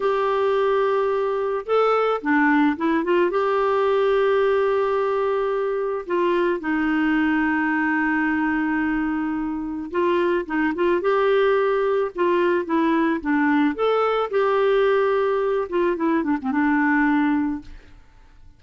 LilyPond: \new Staff \with { instrumentName = "clarinet" } { \time 4/4 \tempo 4 = 109 g'2. a'4 | d'4 e'8 f'8 g'2~ | g'2. f'4 | dis'1~ |
dis'2 f'4 dis'8 f'8 | g'2 f'4 e'4 | d'4 a'4 g'2~ | g'8 f'8 e'8 d'16 c'16 d'2 | }